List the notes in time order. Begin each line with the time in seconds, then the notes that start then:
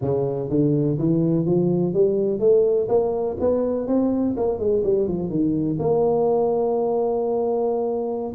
0.01 C#3
0.49 D3
0.98 E3
1.45 F3
1.93 G3
2.39 A3
2.88 A#3
3.40 B3
3.87 C4
4.36 A#3
4.58 G#3
4.84 G3
5.08 F3
5.29 D#3
5.79 A#3